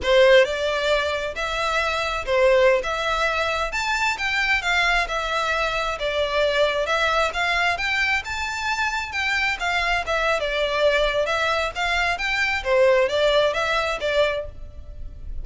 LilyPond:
\new Staff \with { instrumentName = "violin" } { \time 4/4 \tempo 4 = 133 c''4 d''2 e''4~ | e''4 c''4~ c''16 e''4.~ e''16~ | e''16 a''4 g''4 f''4 e''8.~ | e''4~ e''16 d''2 e''8.~ |
e''16 f''4 g''4 a''4.~ a''16~ | a''16 g''4 f''4 e''8. d''4~ | d''4 e''4 f''4 g''4 | c''4 d''4 e''4 d''4 | }